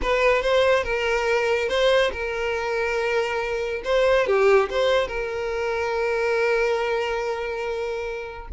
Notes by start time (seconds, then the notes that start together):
0.02 B4
0.42 C5
0.83 A#4
1.68 C5
2.12 A#4
3.84 C5
4.26 G4
4.69 C5
5.07 A#4